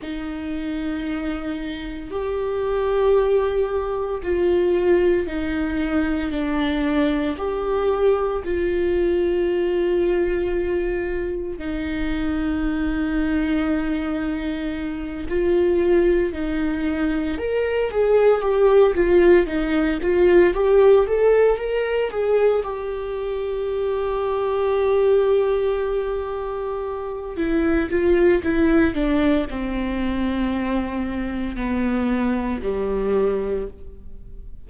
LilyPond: \new Staff \with { instrumentName = "viola" } { \time 4/4 \tempo 4 = 57 dis'2 g'2 | f'4 dis'4 d'4 g'4 | f'2. dis'4~ | dis'2~ dis'8 f'4 dis'8~ |
dis'8 ais'8 gis'8 g'8 f'8 dis'8 f'8 g'8 | a'8 ais'8 gis'8 g'2~ g'8~ | g'2 e'8 f'8 e'8 d'8 | c'2 b4 g4 | }